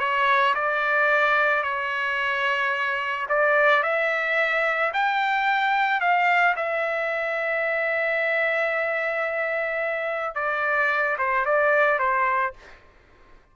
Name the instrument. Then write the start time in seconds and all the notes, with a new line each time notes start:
trumpet
0.00 C#5
0.55 D5
1.63 C#5
3.30 D5
3.84 E5
4.94 G5
6.01 F5
6.57 E5
10.36 D5
11.19 C5
11.46 D5
11.99 C5